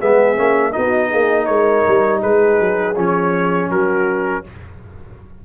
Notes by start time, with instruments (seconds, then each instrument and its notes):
0.00 tuba G#3, trombone B3, horn G#4, trumpet E5
0.36 tuba A#3, trombone C#4
0.73 tuba B3, trombone D#4, horn F#4, trumpet D#5
1.10 tuba A#3, horn G#4
1.46 tuba G#3, horn A#4, trumpet C#5
1.88 tuba G3
2.22 tuba G#3, horn G#4, trumpet B4
2.60 tuba F#3
2.96 tuba F3, trombone C#4, trumpet C#5
3.70 tuba F#3, horn F#4, trumpet A#4